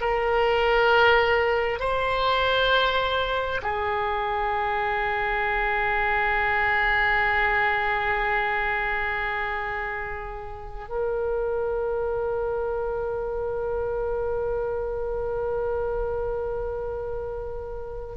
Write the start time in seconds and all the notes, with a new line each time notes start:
0.00 A#4
1.79 C5
3.62 G#4
10.88 A#4